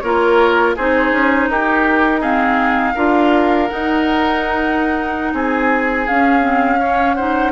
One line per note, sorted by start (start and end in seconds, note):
0.00 0.76 A#3
0.00 0.77 F4
0.00 0.76 A#4
0.00 0.73 C#5
0.76 1.12 C4
0.76 2.21 D#4
0.76 1.49 G#4
0.76 1.48 C5
1.12 1.48 C#4
1.48 2.95 D#4
1.48 2.20 G4
1.48 2.21 A#4
2.20 2.94 C4
2.20 2.93 G#4
2.20 3.68 F5
2.94 3.69 D4
2.94 3.69 F4
2.94 5.32 A#4
3.68 6.07 D#4
3.68 5.33 D#4
3.68 5.32 F#5
5.33 6.06 C4
5.33 6.79 G#4
5.33 6.07 G#5
6.07 6.40 C#4
6.07 7.52 C#4
6.07 7.14 F5
6.40 6.77 C4
6.79 7.17 C#4
6.79 7.16 C#5
7.14 7.52 D#4
7.14 7.52 C5
7.14 7.50 F#5